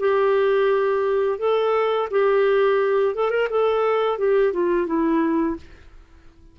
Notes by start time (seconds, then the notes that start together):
0.00 G4
1.39 A4
2.11 G4
3.16 A4
3.31 A#4
3.50 A4
4.19 G4
4.53 F4
4.87 E4